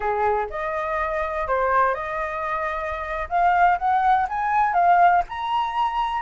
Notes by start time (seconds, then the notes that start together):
0.00 G#4
0.50 D#5
1.47 C5
1.94 D#5
3.29 F5
3.78 F#5
4.28 G#5
4.73 F5
5.29 A#5